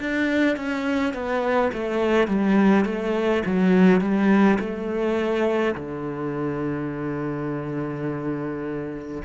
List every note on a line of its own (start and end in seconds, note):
0.00 0.57 D4
0.57 1.14 C#4
1.14 1.72 B3
1.73 2.28 A3
2.28 2.85 G3
2.85 3.43 A3
3.46 4.01 F#3
4.01 4.58 G3
4.59 5.75 A3
5.75 9.22 D3